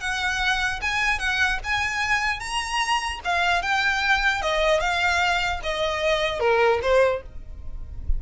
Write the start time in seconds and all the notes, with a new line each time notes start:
0.00 F#5
0.81 G#5
1.19 F#5
1.63 G#5
2.40 A#5
3.24 F5
3.62 G5
4.41 D#5
4.80 F5
5.63 D#5
6.39 A#4
6.82 C5